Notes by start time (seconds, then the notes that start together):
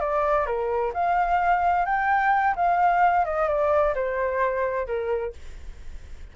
0.00 D5
0.46 A#4
0.94 F5
1.85 G5
2.56 F5
3.25 D#5
3.48 D5
3.95 C5
4.87 A#4